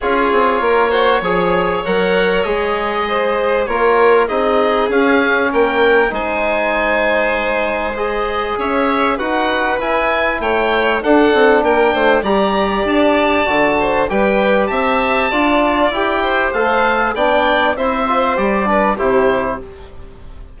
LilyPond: <<
  \new Staff \with { instrumentName = "oboe" } { \time 4/4 \tempo 4 = 98 cis''2. fis''4 | dis''2 cis''4 dis''4 | f''4 g''4 gis''2~ | gis''4 dis''4 e''4 fis''4 |
gis''4 g''4 fis''4 g''4 | ais''4 a''2 g''4 | a''2 g''4 f''4 | g''4 e''4 d''4 c''4 | }
  \new Staff \with { instrumentName = "violin" } { \time 4/4 gis'4 ais'8 c''8 cis''2~ | cis''4 c''4 ais'4 gis'4~ | gis'4 ais'4 c''2~ | c''2 cis''4 b'4~ |
b'4 cis''4 a'4 ais'8 c''8 | d''2~ d''8 c''8 b'4 | e''4 d''4. c''4. | d''4 c''4. b'8 g'4 | }
  \new Staff \with { instrumentName = "trombone" } { \time 4/4 f'4. fis'8 gis'4 ais'4 | gis'2 f'4 dis'4 | cis'2 dis'2~ | dis'4 gis'2 fis'4 |
e'2 d'2 | g'2 fis'4 g'4~ | g'4 f'4 g'4 a'4 | d'4 e'8 f'8 g'8 d'8 e'4 | }
  \new Staff \with { instrumentName = "bassoon" } { \time 4/4 cis'8 c'8 ais4 f4 fis4 | gis2 ais4 c'4 | cis'4 ais4 gis2~ | gis2 cis'4 dis'4 |
e'4 a4 d'8 c'8 ais8 a8 | g4 d'4 d4 g4 | c'4 d'4 e'4 a4 | b4 c'4 g4 c4 | }
>>